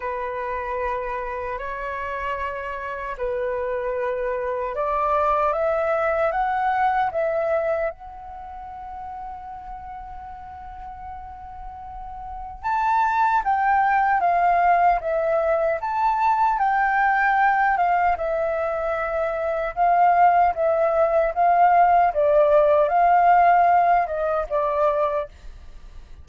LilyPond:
\new Staff \with { instrumentName = "flute" } { \time 4/4 \tempo 4 = 76 b'2 cis''2 | b'2 d''4 e''4 | fis''4 e''4 fis''2~ | fis''1 |
a''4 g''4 f''4 e''4 | a''4 g''4. f''8 e''4~ | e''4 f''4 e''4 f''4 | d''4 f''4. dis''8 d''4 | }